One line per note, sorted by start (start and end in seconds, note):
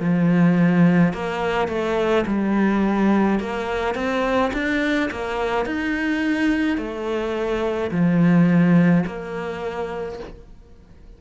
0.00 1.13 F3
1.13 1.68 A#3
1.68 2.24 A3
2.26 3.40 G3
3.40 3.95 A#3
3.95 4.51 C4
4.53 5.09 D4
5.10 5.66 A#3
5.66 6.78 D#4
6.78 7.91 A3
7.91 9.04 F3
9.06 10.19 A#3